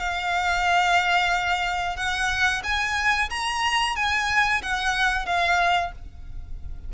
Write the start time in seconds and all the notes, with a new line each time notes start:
0.00 F5
1.97 F#5
2.64 G#5
3.30 A#5
3.96 G#5
4.62 F#5
5.26 F5